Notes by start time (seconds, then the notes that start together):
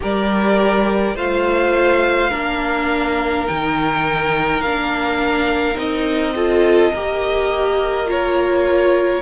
0.00 G3 G4 A#4 D5
1.15 A3 F4 C5 F5
2.30 A#3 D4 A#4
3.46 D#3 D#4 G5
4.61 A#3 D4 F5
5.75 C4 D#4 D#5
6.35 F4 A4
6.92 A#3 G4 A#4
8.05 F4 C#5